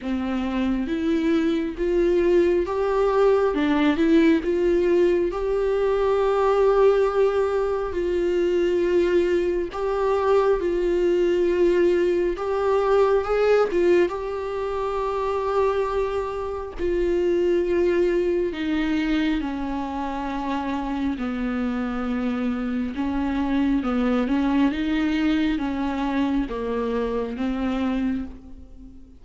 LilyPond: \new Staff \with { instrumentName = "viola" } { \time 4/4 \tempo 4 = 68 c'4 e'4 f'4 g'4 | d'8 e'8 f'4 g'2~ | g'4 f'2 g'4 | f'2 g'4 gis'8 f'8 |
g'2. f'4~ | f'4 dis'4 cis'2 | b2 cis'4 b8 cis'8 | dis'4 cis'4 ais4 c'4 | }